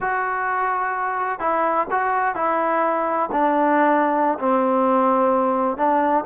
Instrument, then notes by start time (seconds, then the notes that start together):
trombone
0.01 F#4
1.39 E4
1.90 F#4
2.35 E4
3.32 D4
4.39 C4
5.77 D4